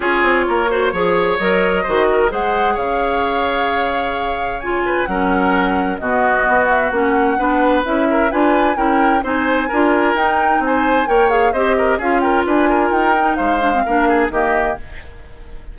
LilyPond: <<
  \new Staff \with { instrumentName = "flute" } { \time 4/4 \tempo 4 = 130 cis''2. dis''4~ | dis''4 fis''4 f''2~ | f''2 gis''4 fis''4~ | fis''4 dis''4. e''8 fis''4~ |
fis''4 e''4 gis''4 g''4 | gis''2 g''4 gis''4 | g''8 f''8 dis''4 f''8 g''8 gis''4 | g''4 f''2 dis''4 | }
  \new Staff \with { instrumentName = "oboe" } { \time 4/4 gis'4 ais'8 c''8 cis''2 | c''8 ais'8 c''4 cis''2~ | cis''2~ cis''8 b'8 ais'4~ | ais'4 fis'2. |
b'4. ais'8 b'4 ais'4 | c''4 ais'2 c''4 | cis''4 c''8 ais'8 gis'8 ais'8 b'8 ais'8~ | ais'4 c''4 ais'8 gis'8 g'4 | }
  \new Staff \with { instrumentName = "clarinet" } { \time 4/4 f'4. fis'8 gis'4 ais'4 | fis'4 gis'2.~ | gis'2 f'4 cis'4~ | cis'4 b2 cis'4 |
d'4 e'4 f'4 e'4 | dis'4 f'4 dis'2 | ais'8 gis'8 g'4 f'2~ | f'8 dis'4 d'16 c'16 d'4 ais4 | }
  \new Staff \with { instrumentName = "bassoon" } { \time 4/4 cis'8 c'8 ais4 f4 fis4 | dis4 gis4 cis2~ | cis2. fis4~ | fis4 b,4 b4 ais4 |
b4 cis'4 d'4 cis'4 | c'4 d'4 dis'4 c'4 | ais4 c'4 cis'4 d'4 | dis'4 gis4 ais4 dis4 | }
>>